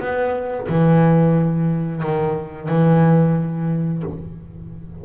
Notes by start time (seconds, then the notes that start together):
0.00 B3
0.69 E3
2.03 D#3
2.69 E3